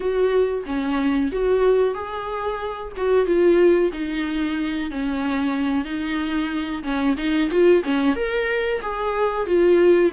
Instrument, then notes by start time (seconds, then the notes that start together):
viola
0.00 F#4
0.66 C#4
1.32 F#4
1.94 G#4
2.96 F#4
3.25 F4
3.92 D#4
4.90 C#4
5.84 D#4
6.83 C#4
7.17 D#4
7.50 F4
7.83 C#4
8.15 A#4
8.81 G#4
9.46 F4